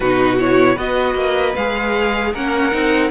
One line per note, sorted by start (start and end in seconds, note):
0.00 0.77 B2
0.00 0.38 D#4
0.00 0.74 F#4
0.00 0.36 B4
0.38 0.76 E4
0.38 0.78 C#5
0.74 1.14 B3
0.74 1.54 F#4
0.74 2.30 B4
0.74 1.55 D#5
1.14 1.53 A#3
1.55 2.33 G#3
1.55 2.35 G#4
1.55 2.33 F5
2.33 2.72 A#3
2.33 2.71 C#4
2.33 3.11 A#4
2.33 3.11 F#5
2.71 3.11 C4
2.71 3.10 D#4